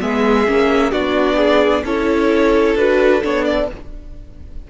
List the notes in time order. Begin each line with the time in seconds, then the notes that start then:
0.00 G#3 B3 G#4 E5
0.47 A#3 C#4
0.92 B3 D4 F#4 D5
1.37 G#4
1.84 C#4 E4 A4 C#5
2.76 D4 F#4 B4
3.22 B3 D4 C#5
3.45 D5